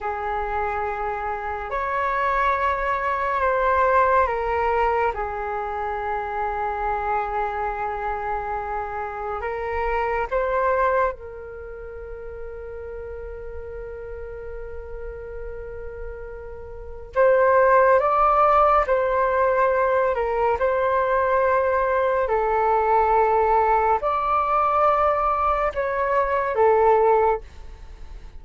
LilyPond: \new Staff \with { instrumentName = "flute" } { \time 4/4 \tempo 4 = 70 gis'2 cis''2 | c''4 ais'4 gis'2~ | gis'2. ais'4 | c''4 ais'2.~ |
ais'1 | c''4 d''4 c''4. ais'8 | c''2 a'2 | d''2 cis''4 a'4 | }